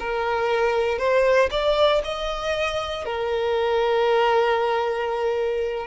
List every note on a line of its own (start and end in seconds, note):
0.00 0.99 A#4
0.99 1.50 C5
1.51 2.02 D5
2.04 3.05 D#5
3.05 5.87 A#4